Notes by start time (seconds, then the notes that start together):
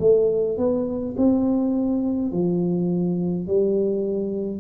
0.00 A3
0.58 B3
1.17 C4
2.32 F3
3.47 G3